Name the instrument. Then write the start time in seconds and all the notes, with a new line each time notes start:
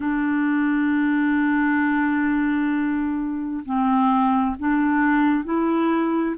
clarinet
0.00 D4
3.65 C4
4.58 D4
5.44 E4